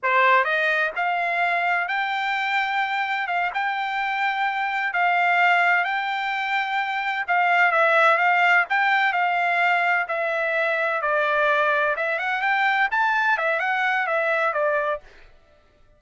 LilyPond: \new Staff \with { instrumentName = "trumpet" } { \time 4/4 \tempo 4 = 128 c''4 dis''4 f''2 | g''2. f''8 g''8~ | g''2~ g''8 f''4.~ | f''8 g''2. f''8~ |
f''8 e''4 f''4 g''4 f''8~ | f''4. e''2 d''8~ | d''4. e''8 fis''8 g''4 a''8~ | a''8 e''8 fis''4 e''4 d''4 | }